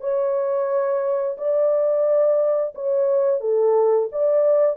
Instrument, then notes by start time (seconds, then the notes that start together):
horn
0.00 C#5
1.37 D5
2.75 C#5
3.41 A4
4.12 D5